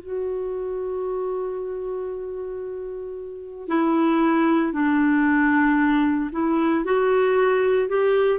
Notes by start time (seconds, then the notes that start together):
0.00 F#4
3.68 E4
4.73 D4
6.32 E4
6.85 F#4
7.89 G4